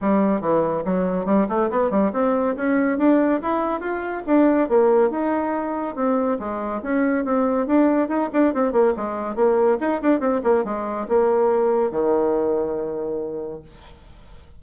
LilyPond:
\new Staff \with { instrumentName = "bassoon" } { \time 4/4 \tempo 4 = 141 g4 e4 fis4 g8 a8 | b8 g8 c'4 cis'4 d'4 | e'4 f'4 d'4 ais4 | dis'2 c'4 gis4 |
cis'4 c'4 d'4 dis'8 d'8 | c'8 ais8 gis4 ais4 dis'8 d'8 | c'8 ais8 gis4 ais2 | dis1 | }